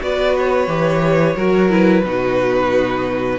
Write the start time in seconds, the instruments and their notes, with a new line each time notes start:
0.00 cello B3, viola F#4, violin B4 D5
0.38 violin C#5
0.68 cello E3, viola G4
1.36 cello F#3, viola F#4, violin A#4
1.70 viola E4, violin B4
2.04 cello B2, viola D#4, violin F#4